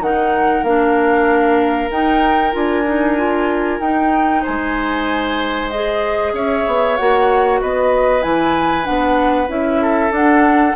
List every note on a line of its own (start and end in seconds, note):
0.00 0.63 D#3
0.00 0.65 D#4
0.00 4.42 A#4
0.00 0.63 F#5
0.63 1.89 A#3
0.63 1.90 D4
0.63 1.90 F5
1.90 2.52 D#4
1.90 2.53 D#4
1.90 2.54 G5
2.52 3.79 D4
2.52 2.84 F4
2.52 3.80 G#5
2.86 3.17 D#4
3.17 3.80 F4
3.79 4.43 D#4
3.79 5.70 D#4
3.79 4.43 G5
4.42 6.33 G#3
4.42 6.32 C5
4.42 5.70 G#5
5.70 6.98 G#4
5.70 6.34 D#5
6.33 6.64 C#4
6.33 7.60 C#5
6.33 6.97 E5
6.67 6.98 B3
6.97 7.62 A#3
6.97 8.21 F#4
6.97 7.60 F#5
7.61 8.24 B3
7.61 9.81 B4
7.61 8.22 D#5
8.21 8.87 E3
8.21 8.83 E4
8.21 8.85 G#5
8.83 9.48 B3
8.83 9.47 D4
8.83 9.48 F#5
9.48 10.10 C#4
9.48 10.10 E4
9.48 10.12 E5
9.81 10.75 A4
10.10 10.73 D4
10.10 10.75 F#5